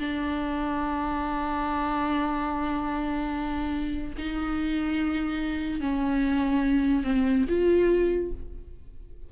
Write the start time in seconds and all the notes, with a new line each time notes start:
0.00 D4
4.18 D#4
5.81 C#4
7.04 C4
7.49 F4